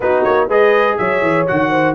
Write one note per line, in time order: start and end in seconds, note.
0.00 0.24 B3
0.00 0.49 D#4
0.00 0.47 F#4
0.00 0.23 B4
0.23 0.48 A#3
0.23 0.47 C#5
0.47 0.97 G#3
0.47 1.47 G#4
0.47 0.96 B4
0.47 0.97 D#5
0.97 1.22 F#3
0.97 1.70 C#5
0.97 1.46 E5
1.22 1.46 E3
1.47 1.94 D#3
1.47 1.94 F#4
1.47 1.94 F#5
1.70 1.94 C5